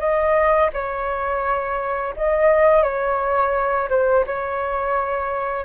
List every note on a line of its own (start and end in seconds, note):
0.00 0.71 D#5
0.74 2.15 C#5
2.17 2.83 D#5
2.83 3.89 C#5
3.90 4.25 C5
4.27 5.66 C#5